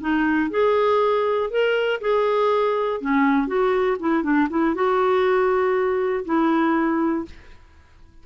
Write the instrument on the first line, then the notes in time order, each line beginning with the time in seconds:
clarinet
0.00 D#4
0.50 G#4
1.50 A#4
2.00 G#4
3.01 C#4
3.47 F#4
3.99 E4
4.23 D4
4.49 E4
4.74 F#4
6.25 E4